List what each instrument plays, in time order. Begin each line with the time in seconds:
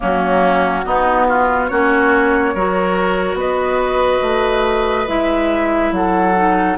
0.00 bassoon F#3, clarinet A#3, oboe C#4, flute F#4
0.85 bassoon B3, clarinet B3, oboe D#4
1.28 oboe F4
1.67 bassoon A#3, clarinet C#4, oboe F#4, flute C#5
2.54 bassoon F#3, clarinet F#4, oboe A#4
3.34 bassoon B3, oboe B4, flute D#5
4.21 bassoon A3
5.07 bassoon G#3, clarinet E4, flute E5
5.91 bassoon F#3, oboe A4, flute F#5
6.35 clarinet D#4